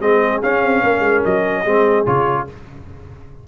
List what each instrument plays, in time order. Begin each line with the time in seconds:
0.00 tuba G#3, trombone C4, horn G#4, trumpet D#5
0.42 trombone C#4, tuba C#4, trumpet F5
0.62 tuba C4
0.83 tuba A#3, horn A#4
1.00 tuba G#3
1.24 tuba F#3, trumpet D#5
1.62 tuba G#3, trombone C4, horn G#4
2.06 tuba C#3, trombone F4, trumpet C#5